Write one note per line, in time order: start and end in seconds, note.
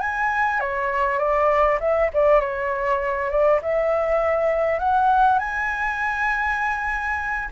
0.00 0.60 G#5
0.60 1.19 C#5
1.19 1.79 D5
1.80 2.10 E5
2.14 2.41 D5
2.41 3.30 C#5
3.30 3.60 D5
3.62 4.79 E5
4.79 5.39 F#5
5.39 7.49 G#5